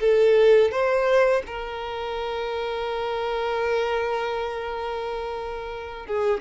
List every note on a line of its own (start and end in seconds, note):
0.00 0.71 A4
0.71 1.43 C5
1.46 6.06 A#4
6.06 6.41 G#4